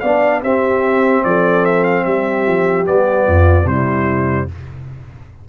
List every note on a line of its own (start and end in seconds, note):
0.00 0.42 B3
0.00 0.43 D4
0.00 0.42 D5
0.00 0.41 F5
0.42 1.23 C4
0.42 2.84 C4
0.42 1.23 G4
0.42 1.24 E5
1.24 2.06 F3
1.24 2.04 A4
1.24 1.65 D5
1.65 1.84 E5
1.84 2.04 F5
2.04 2.46 G3
2.04 3.26 G4
2.04 2.85 E5
2.47 2.87 F3
2.84 3.27 G3
2.84 3.65 B3
2.84 3.67 D5
3.26 3.64 F2
3.26 3.66 F4
3.64 4.45 C3
3.64 4.48 G3
3.64 4.47 E4
3.64 4.48 C5